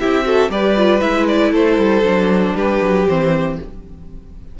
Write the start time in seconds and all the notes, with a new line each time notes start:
0.00 C4 E4 G4 E5
0.24 F#4 A4
0.50 G3 G4 B4 D5
0.77 F4
1.01 G#3 E4 E5
1.28 D5
1.52 A3 A4 C5
1.78 G3
2.03 F#3 D4
2.55 G3 G4 B4
2.82 F#3
3.08 E3 C4 C5